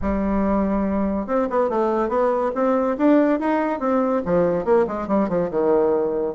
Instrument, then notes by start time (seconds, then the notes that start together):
bassoon
0.01 G3
1.26 C4
1.50 B3
1.69 A3
2.09 B3
2.54 C4
2.97 D4
3.39 D#4
3.79 C4
4.25 F3
4.65 A#3
4.87 G#3
5.07 G3
5.28 F3
5.50 D#3